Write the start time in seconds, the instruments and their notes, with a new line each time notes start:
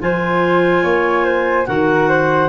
0.00 tuba F3, clarinet F4 G#5, flute C5
0.84 tuba A#3, flute C#5
1.25 flute C5
1.66 tuba D#3, clarinet F#4 F#5, flute A#4
2.09 flute C5